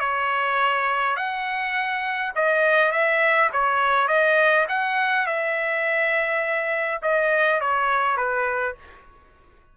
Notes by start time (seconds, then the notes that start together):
0.00 C#5
1.17 F#5
2.36 D#5
2.92 E5
3.53 C#5
4.08 D#5
4.69 F#5
5.27 E5
7.02 D#5
7.61 C#5
8.17 B4